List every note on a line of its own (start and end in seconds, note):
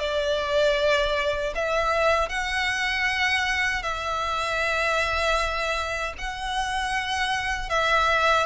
0.00 1.54 D5
1.56 2.30 E5
2.30 3.83 F#5
3.83 6.14 E5
6.19 7.70 F#5
7.70 8.47 E5